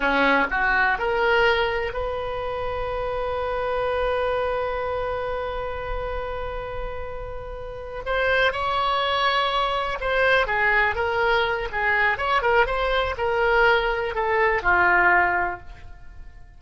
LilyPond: \new Staff \with { instrumentName = "oboe" } { \time 4/4 \tempo 4 = 123 cis'4 fis'4 ais'2 | b'1~ | b'1~ | b'1~ |
b'8 c''4 cis''2~ cis''8~ | cis''8 c''4 gis'4 ais'4. | gis'4 cis''8 ais'8 c''4 ais'4~ | ais'4 a'4 f'2 | }